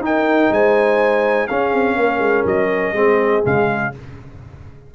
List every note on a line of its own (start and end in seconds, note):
0.00 0.49 D#4
0.00 1.48 D#4
0.00 0.53 G5
0.06 0.52 A#4
0.51 1.49 G#3
0.51 1.48 C5
0.51 1.48 G#5
1.48 2.95 C#4
1.48 1.73 C#4
1.48 1.96 G#4
1.48 2.45 F5
1.73 1.96 C4
1.96 2.19 A#3
1.96 2.96 A#4
2.19 2.43 G#3
2.45 2.93 F#3
2.45 3.44 D#5
2.93 3.42 G#3
2.93 3.43 C4
2.93 3.93 G#4
3.43 3.95 C#3
3.43 3.92 G#3
3.43 3.95 F5